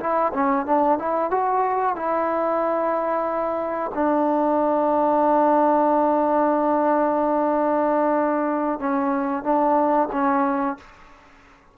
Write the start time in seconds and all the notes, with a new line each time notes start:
0.00 E4
0.33 C#4
0.66 D4
0.99 E4
1.31 F#4
1.96 E4
3.95 D4
8.80 C#4
9.44 D4
10.13 C#4